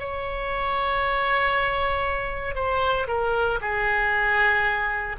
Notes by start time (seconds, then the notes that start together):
0.00 C#5
2.55 C5
3.08 A#4
3.61 G#4